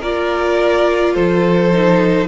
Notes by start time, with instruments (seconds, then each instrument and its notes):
0.00 cello A#3, viola F4, violin A#4 D5
1.14 cello F3, violin A4 C5
1.72 viola D#4